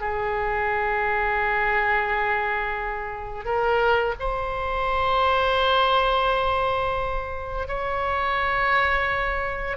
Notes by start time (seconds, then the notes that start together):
0.00 G#4
3.45 A#4
4.19 C5
7.67 C#5